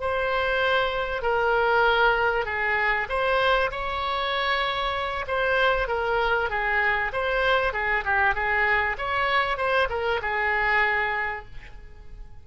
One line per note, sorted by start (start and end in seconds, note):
0.00 1.22 C5
1.22 2.45 A#4
2.45 3.07 G#4
3.09 3.71 C5
3.71 5.25 C#5
5.27 5.88 C5
5.88 6.49 A#4
6.50 7.12 G#4
7.12 7.73 C5
7.73 8.04 G#4
8.04 8.34 G4
8.34 8.96 G#4
8.97 9.57 C#5
9.57 9.88 C5
9.89 10.20 A#4
10.22 11.45 G#4